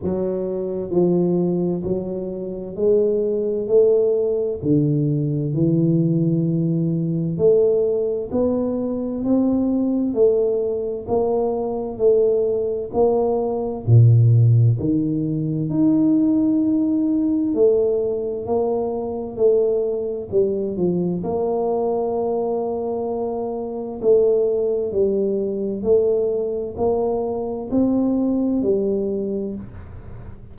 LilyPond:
\new Staff \with { instrumentName = "tuba" } { \time 4/4 \tempo 4 = 65 fis4 f4 fis4 gis4 | a4 d4 e2 | a4 b4 c'4 a4 | ais4 a4 ais4 ais,4 |
dis4 dis'2 a4 | ais4 a4 g8 f8 ais4~ | ais2 a4 g4 | a4 ais4 c'4 g4 | }